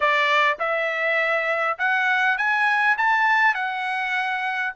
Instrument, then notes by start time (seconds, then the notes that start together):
trumpet
0.00 D5
0.59 E5
1.78 F#5
2.37 G#5
2.97 A5
3.54 F#5